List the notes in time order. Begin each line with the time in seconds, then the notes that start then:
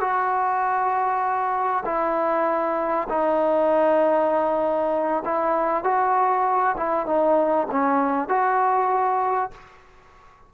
0.00 F#4
1.85 E4
3.09 D#4
5.25 E4
5.84 F#4
6.77 E4
7.06 D#4
7.71 C#4
8.28 F#4